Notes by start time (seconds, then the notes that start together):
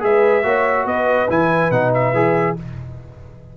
0.00 G#3 G#4 B4 E5
0.43 A#3 F#4 C#5
0.85 B3 B4 D#5
1.29 E3 E4 G#5
1.70 B2 D#4 F#5
1.94 E5
2.13 E3 G#4